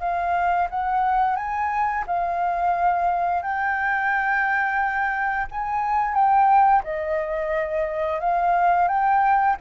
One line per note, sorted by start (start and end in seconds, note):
0.00 0.68 F5
0.70 1.36 F#5
1.36 2.05 G#5
2.07 3.43 F5
3.43 5.47 G5
5.51 6.15 G#5
6.15 6.83 G5
6.84 8.20 D#5
8.20 8.89 F5
8.89 9.57 G5